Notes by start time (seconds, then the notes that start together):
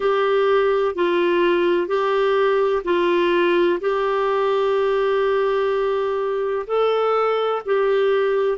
0.00 G4
0.95 F4
1.87 G4
2.84 F4
3.80 G4
6.67 A4
7.65 G4